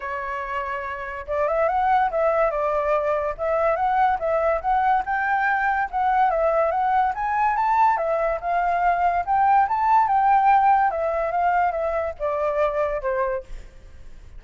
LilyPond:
\new Staff \with { instrumentName = "flute" } { \time 4/4 \tempo 4 = 143 cis''2. d''8 e''8 | fis''4 e''4 d''2 | e''4 fis''4 e''4 fis''4 | g''2 fis''4 e''4 |
fis''4 gis''4 a''4 e''4 | f''2 g''4 a''4 | g''2 e''4 f''4 | e''4 d''2 c''4 | }